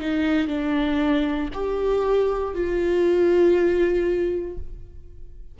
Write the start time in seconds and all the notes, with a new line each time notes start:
0.00 D#4
0.48 D4
1.53 G4
2.54 F4